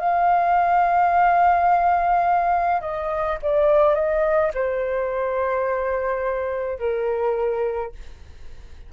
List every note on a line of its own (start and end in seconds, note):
0.00 2.81 F5
2.81 3.38 D#5
3.43 3.95 D5
3.95 4.52 D#5
4.54 6.79 C5
6.79 7.92 A#4